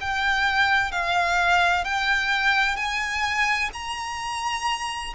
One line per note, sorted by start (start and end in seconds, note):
0.00 0.91 G5
0.91 1.85 F5
1.85 2.76 G5
2.76 3.70 G#5
3.73 5.13 A#5